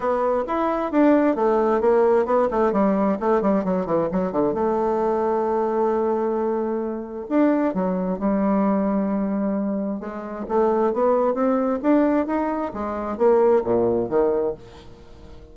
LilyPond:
\new Staff \with { instrumentName = "bassoon" } { \time 4/4 \tempo 4 = 132 b4 e'4 d'4 a4 | ais4 b8 a8 g4 a8 g8 | fis8 e8 fis8 d8 a2~ | a1 |
d'4 fis4 g2~ | g2 gis4 a4 | b4 c'4 d'4 dis'4 | gis4 ais4 ais,4 dis4 | }